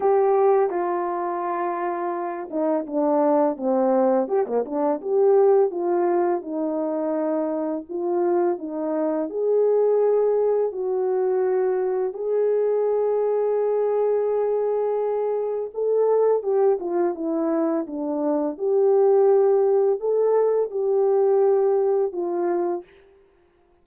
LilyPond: \new Staff \with { instrumentName = "horn" } { \time 4/4 \tempo 4 = 84 g'4 f'2~ f'8 dis'8 | d'4 c'4 g'16 ais16 d'8 g'4 | f'4 dis'2 f'4 | dis'4 gis'2 fis'4~ |
fis'4 gis'2.~ | gis'2 a'4 g'8 f'8 | e'4 d'4 g'2 | a'4 g'2 f'4 | }